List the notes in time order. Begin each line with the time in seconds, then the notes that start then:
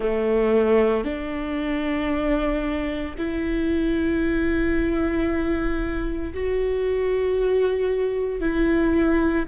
0.00 A3
1.04 D4
3.17 E4
6.33 F#4
8.40 E4